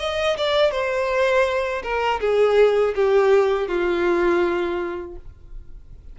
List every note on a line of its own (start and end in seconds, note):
0.00 0.37 D#5
0.37 0.71 D5
0.71 1.82 C5
1.83 2.20 A#4
2.21 2.95 G#4
2.95 3.68 G4
3.68 5.16 F4